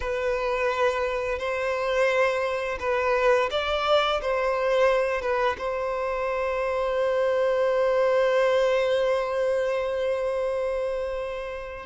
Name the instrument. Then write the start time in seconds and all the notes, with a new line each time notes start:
violin
0.00 B4
1.38 C5
2.79 B4
3.50 D5
4.21 C5
5.21 B4
5.58 C5